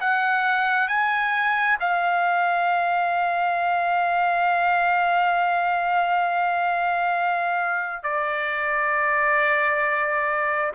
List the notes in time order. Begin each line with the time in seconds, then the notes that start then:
0.00 F#5
0.88 G#5
1.80 F5
8.03 D5